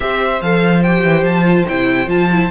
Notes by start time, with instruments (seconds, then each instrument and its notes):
0.00 cello C4, viola G4, violin C5 E5
0.41 cello F3, viola A4, violin F5
0.82 viola G4, violin G5
1.03 cello E3
1.22 cello F3, violin A5
1.44 viola F4
1.68 cello C3, viola E4, violin G5
2.07 cello F3, viola F4, violin A5
2.31 viola E4